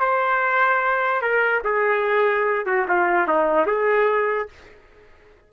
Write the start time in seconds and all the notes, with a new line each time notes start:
0.00 C5
1.22 A#4
1.64 G#4
2.66 F#4
2.88 F4
3.28 D#4
3.66 G#4